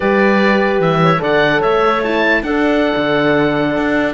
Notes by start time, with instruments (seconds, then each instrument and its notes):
0.00 cello G3, horn G4, clarinet B4, oboe D5
0.79 cello E3, oboe E5
1.03 clarinet C#5
1.18 cello D3, horn A4, clarinet D5, oboe F#5
1.60 cello A3, clarinet C#5, oboe E5
2.03 horn E4, oboe A5
2.42 cello D4, horn D4, clarinet A4, oboe F#5
2.96 cello D3
3.77 cello D4